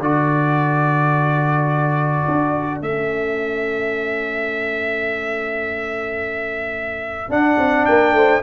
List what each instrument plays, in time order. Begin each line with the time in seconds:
0.00 tuba D3, trombone F#4, horn A4, trumpet D5
2.28 tuba D4
2.82 tuba A3, trombone C#4, trumpet E5
7.29 tuba D4, trombone D4, trumpet F#5
7.58 tuba C4
7.86 tuba A#3, horn A#4, trumpet G5
8.13 tuba A3, horn C5